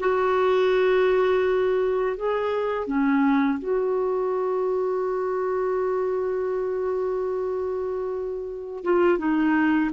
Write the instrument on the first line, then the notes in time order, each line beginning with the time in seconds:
clarinet
0.00 F#4
2.17 G#4
2.88 C#4
3.59 F#4
8.84 F4
9.19 D#4